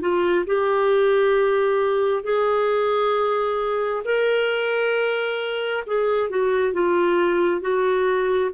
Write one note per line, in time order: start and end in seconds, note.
0.00 0.45 F4
0.46 2.23 G4
2.23 4.03 G#4
4.05 5.84 A#4
5.86 6.29 G#4
6.29 6.73 F#4
6.73 7.61 F4
7.61 8.50 F#4